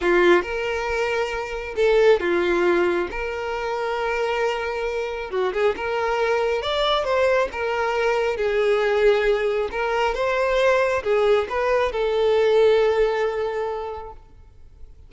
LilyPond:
\new Staff \with { instrumentName = "violin" } { \time 4/4 \tempo 4 = 136 f'4 ais'2. | a'4 f'2 ais'4~ | ais'1 | fis'8 gis'8 ais'2 d''4 |
c''4 ais'2 gis'4~ | gis'2 ais'4 c''4~ | c''4 gis'4 b'4 a'4~ | a'1 | }